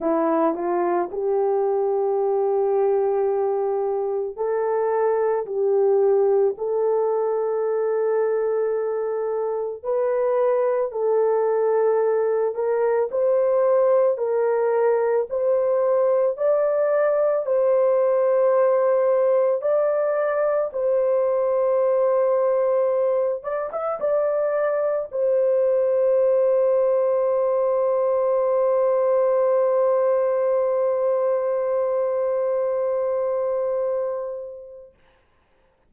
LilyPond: \new Staff \with { instrumentName = "horn" } { \time 4/4 \tempo 4 = 55 e'8 f'8 g'2. | a'4 g'4 a'2~ | a'4 b'4 a'4. ais'8 | c''4 ais'4 c''4 d''4 |
c''2 d''4 c''4~ | c''4. d''16 e''16 d''4 c''4~ | c''1~ | c''1 | }